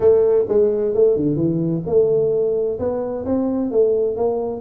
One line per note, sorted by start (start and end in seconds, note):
0.00 0.45 A3
0.48 0.94 G#3
0.94 1.16 A3
1.16 1.36 D3
1.36 1.82 E3
1.86 2.78 A3
2.79 3.25 B3
3.25 3.71 C4
3.71 4.16 A3
4.16 4.60 A#3